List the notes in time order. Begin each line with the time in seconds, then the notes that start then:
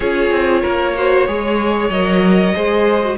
0.00 C#4 F4 G#4 C#5
0.30 C4
0.61 A#3 A#4
0.97 F#4 C5
1.27 G#3 G#4 C#5
1.89 F#3 A#4 D#5
2.55 G#3 G#4 C5
3.03 F#4